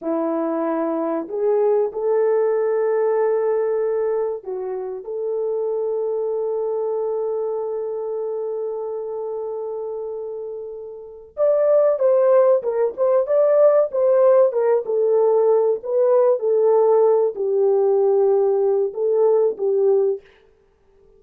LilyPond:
\new Staff \with { instrumentName = "horn" } { \time 4/4 \tempo 4 = 95 e'2 gis'4 a'4~ | a'2. fis'4 | a'1~ | a'1~ |
a'2 d''4 c''4 | ais'8 c''8 d''4 c''4 ais'8 a'8~ | a'4 b'4 a'4. g'8~ | g'2 a'4 g'4 | }